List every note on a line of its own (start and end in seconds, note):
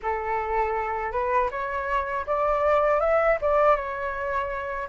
0.02 1.12 A4
1.12 1.49 B4
1.50 2.25 C#5
2.26 3.00 D5
3.00 3.38 E5
3.41 3.75 D5
3.75 4.88 C#5